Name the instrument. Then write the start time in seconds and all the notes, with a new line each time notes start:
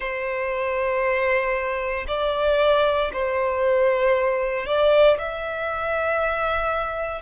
violin
0.00 C5
2.07 D5
3.12 C5
4.66 D5
5.18 E5